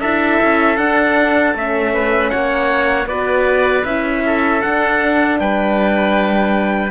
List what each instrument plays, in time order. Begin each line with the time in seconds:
0.00 cello D4, horn E4, oboe A4, trumpet E5
0.42 cello C#4
0.76 cello D4, horn D4, trumpet F#5
1.54 cello A3, horn C#4, trumpet E5
1.93 oboe B4
2.29 cello A#3, oboe C#5, trumpet F#5
3.05 cello B3, horn F#4, oboe B4, trumpet D5
3.85 cello C#4, horn E4, trumpet E5
4.26 oboe A4
4.61 horn D4, cello D4, trumpet F#5
5.39 cello G3, oboe B4, trumpet G5